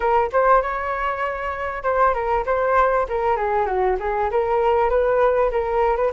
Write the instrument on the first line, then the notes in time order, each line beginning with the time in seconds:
flute
0.00 A#4
0.32 C5
0.62 C#5
1.83 C5
2.14 A#4
2.45 C5
3.08 A#4
3.36 G#4
3.65 F#4
3.99 G#4
4.30 A#4
4.89 B4
5.51 A#4
5.96 B4